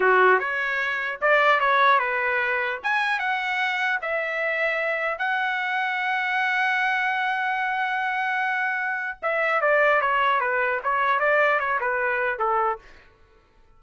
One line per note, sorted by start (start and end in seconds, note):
0.00 0.39 F#4
0.39 1.19 C#5
1.21 1.60 D5
1.60 1.99 C#5
1.99 2.79 B4
2.83 3.19 G#5
3.19 3.99 F#5
4.01 5.18 E5
5.18 9.18 F#5
9.22 9.61 E5
9.61 10.01 D5
10.01 10.40 C#5
10.40 10.80 B4
10.83 11.19 C#5
11.19 11.59 D5
11.59 11.79 C#5
11.80 12.39 B4
12.39 12.79 A4